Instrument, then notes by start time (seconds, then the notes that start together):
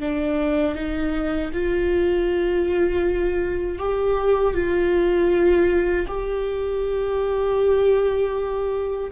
viola
0.00 D4
0.75 D#4
1.53 F4
3.79 G4
4.54 F4
6.08 G4